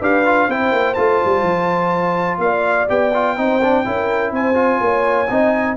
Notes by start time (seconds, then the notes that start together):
0.00 D4 G4 B4 F5
0.25 F4
0.48 C4 E4 C5 G5
0.72 A#3
0.94 A3 F4 A5
1.25 G3
1.42 F3
2.38 A#3 D5 F5
2.88 B3 G4 G5
3.14 F4
3.36 C4 D#4 C5
3.62 D4
3.85 C#4 E4 A#4
4.31 C4 C5 G#5
4.54 F4
4.80 A#3 C#5
5.29 C4 D#4 D#5